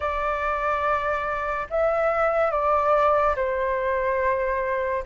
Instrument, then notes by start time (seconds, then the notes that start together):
flute
0.00 D5
1.70 E5
2.51 D5
3.35 C5